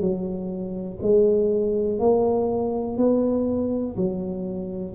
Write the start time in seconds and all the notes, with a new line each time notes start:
0.00 F#3
1.02 G#3
1.99 A#3
2.97 B3
3.97 F#3